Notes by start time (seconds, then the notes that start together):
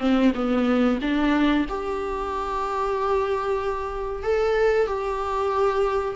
0.00 C4
0.35 B3
1.02 D4
1.70 G4
4.23 A4
4.87 G4